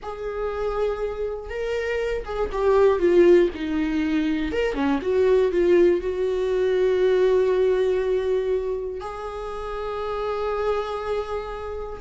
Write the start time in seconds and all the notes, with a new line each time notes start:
0.02 G#4
1.49 A#4
2.25 G#4
2.51 G4
2.99 F4
3.54 D#4
4.52 A#4
4.74 C#4
5.01 F#4
5.51 F4
6.00 F#4
9.00 G#4